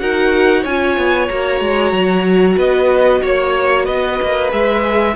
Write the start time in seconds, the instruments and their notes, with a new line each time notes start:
0.00 cello D#4, viola F#4, violin A#4 F#5
0.61 cello C#4, viola F4, violin C#5 G#5
0.97 cello B3
1.29 cello A#3, viola F#4, violin A#5
1.61 cello G#3
1.92 cello F#3
2.56 cello B3, violin B4 D#5
3.22 cello A#3, violin C#5
3.85 cello B3, violin B4 D#5
4.23 cello A#3
4.51 cello G#3, viola G#4, violin E5